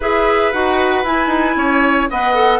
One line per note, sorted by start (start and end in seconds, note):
0.00 0.52 E4
0.00 0.52 G#4
0.00 1.55 B4
0.00 0.52 E5
0.52 1.03 D#4
0.52 1.05 F#4
0.52 1.04 F#5
1.03 1.27 E4
1.03 2.10 E4
1.03 2.09 G#5
1.27 1.53 D#4
1.56 2.08 C#4
1.56 2.09 C#5
2.10 2.59 B3
2.10 2.34 B4
2.10 2.59 D#5
2.10 2.59 F#5
2.34 2.59 A4